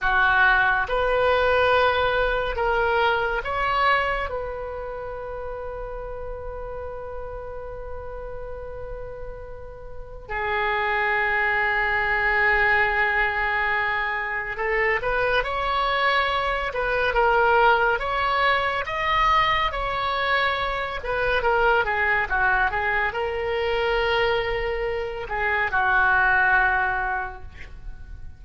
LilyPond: \new Staff \with { instrumentName = "oboe" } { \time 4/4 \tempo 4 = 70 fis'4 b'2 ais'4 | cis''4 b'2.~ | b'1 | gis'1~ |
gis'4 a'8 b'8 cis''4. b'8 | ais'4 cis''4 dis''4 cis''4~ | cis''8 b'8 ais'8 gis'8 fis'8 gis'8 ais'4~ | ais'4. gis'8 fis'2 | }